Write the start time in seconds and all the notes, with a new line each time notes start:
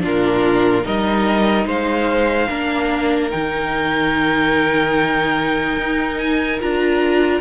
0.00 A#2 D4 F4 A#4
0.83 G3 D#4 A#4 D#5
1.65 G#3 C5 F5
2.49 A#3 D4 A#4
3.30 D#3 D#4 G5
5.77 D#4
6.18 G#5
6.60 D4 F4 A#5